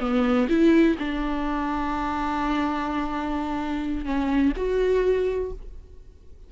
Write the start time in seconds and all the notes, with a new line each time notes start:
0.00 B3
0.49 E4
0.99 D4
4.05 C#4
4.57 F#4